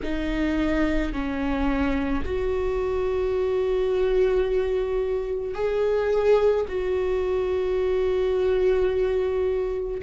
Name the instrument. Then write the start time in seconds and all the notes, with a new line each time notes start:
viola
0.03 D#4
1.13 C#4
2.24 F#4
5.54 G#4
6.68 F#4